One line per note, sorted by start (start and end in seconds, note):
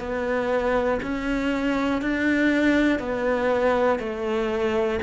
0.00 1.00 B3
1.03 2.02 C#4
2.02 3.00 D4
3.00 4.00 B3
4.00 5.00 A3